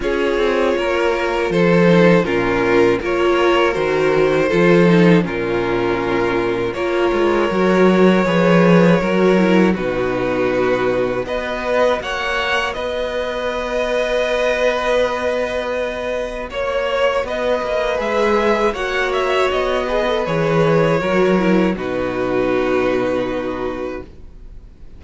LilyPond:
<<
  \new Staff \with { instrumentName = "violin" } { \time 4/4 \tempo 4 = 80 cis''2 c''4 ais'4 | cis''4 c''2 ais'4~ | ais'4 cis''2.~ | cis''4 b'2 dis''4 |
fis''4 dis''2.~ | dis''2 cis''4 dis''4 | e''4 fis''8 e''8 dis''4 cis''4~ | cis''4 b'2. | }
  \new Staff \with { instrumentName = "violin" } { \time 4/4 gis'4 ais'4 a'4 f'4 | ais'2 a'4 f'4~ | f'4 ais'2 b'4 | ais'4 fis'2 b'4 |
cis''4 b'2.~ | b'2 cis''4 b'4~ | b'4 cis''4. b'4. | ais'4 fis'2. | }
  \new Staff \with { instrumentName = "viola" } { \time 4/4 f'2~ f'8 dis'8 cis'4 | f'4 fis'4 f'8 dis'8 cis'4~ | cis'4 f'4 fis'4 gis'4 | fis'8 e'8 dis'2 fis'4~ |
fis'1~ | fis'1 | gis'4 fis'4. gis'16 a'16 gis'4 | fis'8 e'8 dis'2. | }
  \new Staff \with { instrumentName = "cello" } { \time 4/4 cis'8 c'8 ais4 f4 ais,4 | ais4 dis4 f4 ais,4~ | ais,4 ais8 gis8 fis4 f4 | fis4 b,2 b4 |
ais4 b2.~ | b2 ais4 b8 ais8 | gis4 ais4 b4 e4 | fis4 b,2. | }
>>